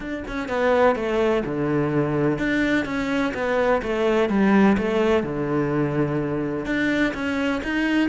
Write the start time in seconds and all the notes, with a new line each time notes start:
0.00 D4
0.27 C#4
0.48 B3
0.95 A3
1.45 D3
2.38 D4
2.85 C#4
3.34 B3
3.82 A3
4.29 G3
4.77 A3
5.23 D3
6.65 D4
7.13 C#4
7.63 D#4